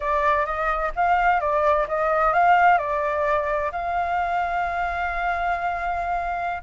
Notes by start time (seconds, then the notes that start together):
0.00 D5
0.45 D#5
0.95 F5
1.40 D5
1.88 D#5
2.33 F5
2.78 D5
3.71 F5